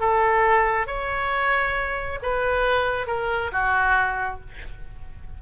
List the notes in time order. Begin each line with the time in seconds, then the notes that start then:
0.00 A4
0.87 C#5
2.23 B4
3.07 A#4
3.52 F#4